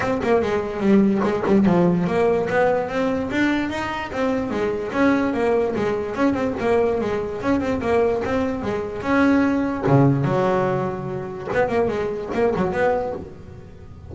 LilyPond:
\new Staff \with { instrumentName = "double bass" } { \time 4/4 \tempo 4 = 146 c'8 ais8 gis4 g4 gis8 g8 | f4 ais4 b4 c'4 | d'4 dis'4 c'4 gis4 | cis'4 ais4 gis4 cis'8 c'8 |
ais4 gis4 cis'8 c'8 ais4 | c'4 gis4 cis'2 | cis4 fis2. | b8 ais8 gis4 ais8 fis8 b4 | }